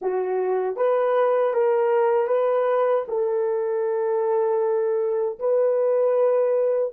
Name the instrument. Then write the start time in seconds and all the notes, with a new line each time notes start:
horn
0.01 F#4
0.76 B4
1.53 A#4
2.27 B4
3.08 A4
5.39 B4